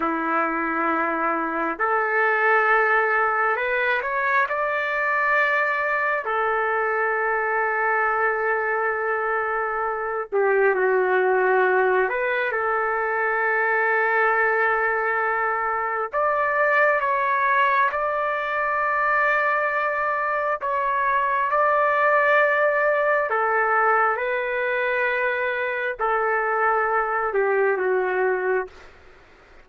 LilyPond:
\new Staff \with { instrumentName = "trumpet" } { \time 4/4 \tempo 4 = 67 e'2 a'2 | b'8 cis''8 d''2 a'4~ | a'2.~ a'8 g'8 | fis'4. b'8 a'2~ |
a'2 d''4 cis''4 | d''2. cis''4 | d''2 a'4 b'4~ | b'4 a'4. g'8 fis'4 | }